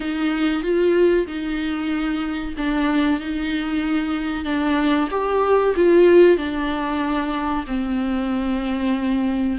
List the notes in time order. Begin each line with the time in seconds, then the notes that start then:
0.00 D#4
0.62 F4
1.26 D#4
2.57 D4
3.19 D#4
4.44 D4
5.10 G4
5.76 F4
6.37 D4
7.67 C4